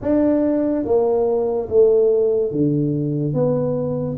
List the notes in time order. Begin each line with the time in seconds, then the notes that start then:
0.01 D4
0.84 A#3
1.69 A3
2.51 D3
3.33 B3